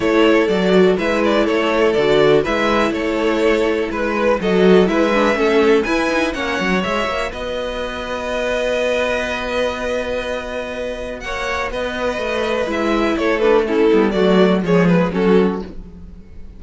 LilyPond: <<
  \new Staff \with { instrumentName = "violin" } { \time 4/4 \tempo 4 = 123 cis''4 d''4 e''8 d''8 cis''4 | d''4 e''4 cis''2 | b'4 dis''4 e''2 | gis''4 fis''4 e''4 dis''4~ |
dis''1~ | dis''2. fis''4 | dis''2 e''4 cis''8 b'8 | a'4 d''4 cis''8 b'8 a'4 | }
  \new Staff \with { instrumentName = "violin" } { \time 4/4 a'2 b'4 a'4~ | a'4 b'4 a'2 | b'4 a'4 b'4 a'4 | b'4 cis''2 b'4~ |
b'1~ | b'2. cis''4 | b'2. a'4 | e'4 fis'4 gis'4 fis'4 | }
  \new Staff \with { instrumentName = "viola" } { \time 4/4 e'4 fis'4 e'2 | fis'4 e'2.~ | e'4 fis'4 e'8 d'8 cis'4 | e'8 dis'8 cis'4 fis'2~ |
fis'1~ | fis'1~ | fis'2 e'4. d'8 | cis'8 b8 a4 gis4 cis'4 | }
  \new Staff \with { instrumentName = "cello" } { \time 4/4 a4 fis4 gis4 a4 | d4 gis4 a2 | gis4 fis4 gis4 a4 | e'4 ais8 fis8 gis8 ais8 b4~ |
b1~ | b2. ais4 | b4 a4 gis4 a4~ | a8 g8 fis4 f4 fis4 | }
>>